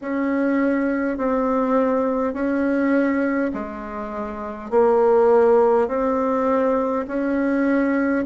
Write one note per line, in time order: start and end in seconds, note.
0.01 1.17 C#4
1.17 2.33 C4
2.33 3.51 C#4
3.53 4.70 G#3
4.70 5.88 A#3
5.88 7.05 C4
7.07 8.25 C#4